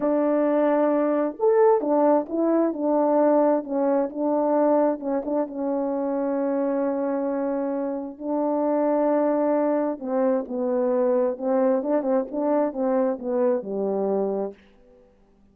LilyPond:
\new Staff \with { instrumentName = "horn" } { \time 4/4 \tempo 4 = 132 d'2. a'4 | d'4 e'4 d'2 | cis'4 d'2 cis'8 d'8 | cis'1~ |
cis'2 d'2~ | d'2 c'4 b4~ | b4 c'4 d'8 c'8 d'4 | c'4 b4 g2 | }